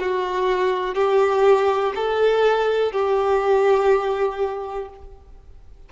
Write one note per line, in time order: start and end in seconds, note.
0.00 0.95 F#4
0.95 1.94 G4
1.96 2.93 A4
2.93 4.90 G4